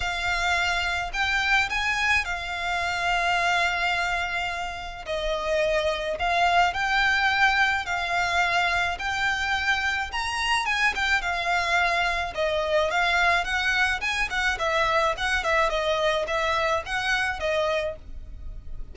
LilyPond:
\new Staff \with { instrumentName = "violin" } { \time 4/4 \tempo 4 = 107 f''2 g''4 gis''4 | f''1~ | f''4 dis''2 f''4 | g''2 f''2 |
g''2 ais''4 gis''8 g''8 | f''2 dis''4 f''4 | fis''4 gis''8 fis''8 e''4 fis''8 e''8 | dis''4 e''4 fis''4 dis''4 | }